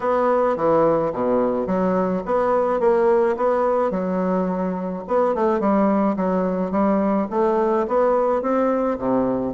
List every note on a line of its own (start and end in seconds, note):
0.00 0.56 B3
0.56 1.12 E3
1.12 1.66 B2
1.66 2.23 F#3
2.25 2.80 B3
2.80 3.36 A#3
3.36 3.90 B3
3.90 5.03 F#3
5.07 5.34 B3
5.34 5.60 A3
5.60 6.16 G3
6.16 6.71 F#3
6.71 7.27 G3
7.30 7.86 A3
7.87 8.42 B3
8.42 8.98 C4
8.98 9.53 C3